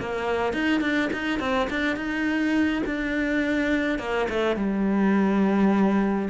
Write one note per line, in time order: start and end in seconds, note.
0.00 0.53 A#3
0.53 0.82 D#4
0.82 1.10 D4
1.13 1.40 D#4
1.40 1.69 C4
1.71 1.97 D4
1.97 2.83 D#4
2.86 3.99 D4
3.99 4.28 A#3
4.30 4.57 A3
4.57 6.30 G3